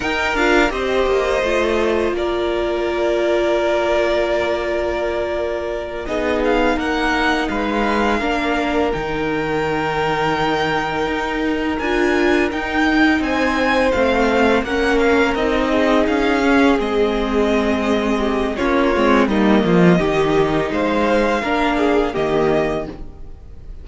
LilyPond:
<<
  \new Staff \with { instrumentName = "violin" } { \time 4/4 \tempo 4 = 84 g''8 f''8 dis''2 d''4~ | d''1~ | d''8 dis''8 f''8 fis''4 f''4.~ | f''8 g''2.~ g''8~ |
g''8 gis''4 g''4 gis''4 f''8~ | f''8 fis''8 f''8 dis''4 f''4 dis''8~ | dis''2 cis''4 dis''4~ | dis''4 f''2 dis''4 | }
  \new Staff \with { instrumentName = "violin" } { \time 4/4 ais'4 c''2 ais'4~ | ais'1~ | ais'8 gis'4 ais'4 b'4 ais'8~ | ais'1~ |
ais'2~ ais'8 c''4.~ | c''8 ais'4. gis'2~ | gis'4. g'8 f'4 dis'8 f'8 | g'4 c''4 ais'8 gis'8 g'4 | }
  \new Staff \with { instrumentName = "viola" } { \time 4/4 dis'8 f'8 g'4 f'2~ | f'1~ | f'8 dis'2. d'8~ | d'8 dis'2.~ dis'8~ |
dis'8 f'4 dis'2 c'8~ | c'8 cis'4 dis'4. cis'8 c'8~ | c'2 cis'8 c'8 ais4 | dis'2 d'4 ais4 | }
  \new Staff \with { instrumentName = "cello" } { \time 4/4 dis'8 d'8 c'8 ais8 a4 ais4~ | ais1~ | ais8 b4 ais4 gis4 ais8~ | ais8 dis2. dis'8~ |
dis'8 d'4 dis'4 c'4 a8~ | a8 ais4 c'4 cis'4 gis8~ | gis2 ais8 gis8 g8 f8 | dis4 gis4 ais4 dis4 | }
>>